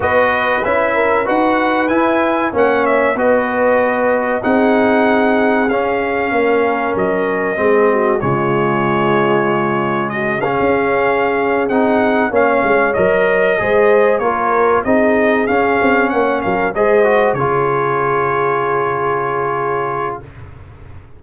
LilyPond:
<<
  \new Staff \with { instrumentName = "trumpet" } { \time 4/4 \tempo 4 = 95 dis''4 e''4 fis''4 gis''4 | fis''8 e''8 dis''2 fis''4~ | fis''4 f''2 dis''4~ | dis''4 cis''2. |
dis''8 f''2 fis''4 f''8~ | f''8 dis''2 cis''4 dis''8~ | dis''8 f''4 fis''8 f''8 dis''4 cis''8~ | cis''1 | }
  \new Staff \with { instrumentName = "horn" } { \time 4/4 b'4. ais'8 b'2 | cis''4 b'2 gis'4~ | gis'2 ais'2 | gis'8 fis'8 f'2. |
fis'8 gis'2. cis''8~ | cis''4. c''4 ais'4 gis'8~ | gis'4. cis''8 ais'8 c''4 gis'8~ | gis'1 | }
  \new Staff \with { instrumentName = "trombone" } { \time 4/4 fis'4 e'4 fis'4 e'4 | cis'4 fis'2 dis'4~ | dis'4 cis'2. | c'4 gis2.~ |
gis8 cis'2 dis'4 cis'8~ | cis'8 ais'4 gis'4 f'4 dis'8~ | dis'8 cis'2 gis'8 fis'8 f'8~ | f'1 | }
  \new Staff \with { instrumentName = "tuba" } { \time 4/4 b4 cis'4 dis'4 e'4 | ais4 b2 c'4~ | c'4 cis'4 ais4 fis4 | gis4 cis2.~ |
cis8. cis'4.~ cis'16 c'4 ais8 | gis8 fis4 gis4 ais4 c'8~ | c'8 cis'8 c'8 ais8 fis8 gis4 cis8~ | cis1 | }
>>